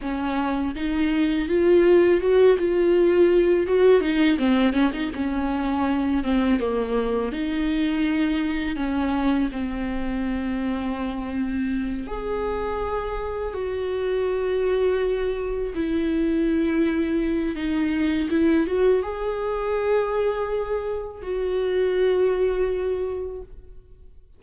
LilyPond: \new Staff \with { instrumentName = "viola" } { \time 4/4 \tempo 4 = 82 cis'4 dis'4 f'4 fis'8 f'8~ | f'4 fis'8 dis'8 c'8 cis'16 dis'16 cis'4~ | cis'8 c'8 ais4 dis'2 | cis'4 c'2.~ |
c'8 gis'2 fis'4.~ | fis'4. e'2~ e'8 | dis'4 e'8 fis'8 gis'2~ | gis'4 fis'2. | }